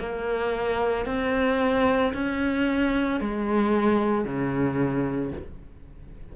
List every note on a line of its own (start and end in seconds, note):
0.00 1.06 A#3
1.06 2.13 C4
2.14 3.21 C#4
3.21 4.25 G#3
4.25 5.32 C#3